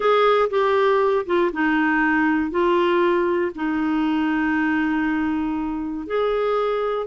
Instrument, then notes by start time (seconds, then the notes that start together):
clarinet
0.00 G#4
0.50 G4
1.26 F4
1.52 D#4
2.50 F4
3.55 D#4
6.06 G#4